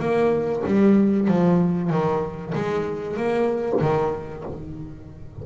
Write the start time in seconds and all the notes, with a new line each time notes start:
0.00 A#3
0.66 G3
1.28 F3
1.91 D#3
2.55 G#3
3.17 A#3
3.81 D#3